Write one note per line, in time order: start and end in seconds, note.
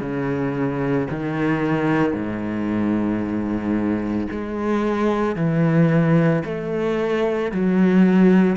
0.00 1.07 C#3
1.10 2.13 D#3
2.13 4.27 G#2
4.31 5.36 G#3
5.36 6.43 E3
6.45 7.51 A3
7.51 8.57 F#3